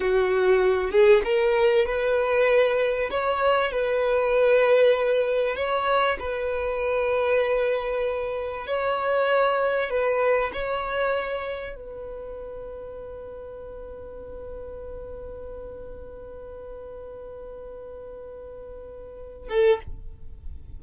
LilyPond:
\new Staff \with { instrumentName = "violin" } { \time 4/4 \tempo 4 = 97 fis'4. gis'8 ais'4 b'4~ | b'4 cis''4 b'2~ | b'4 cis''4 b'2~ | b'2 cis''2 |
b'4 cis''2 b'4~ | b'1~ | b'1~ | b'2.~ b'8 a'8 | }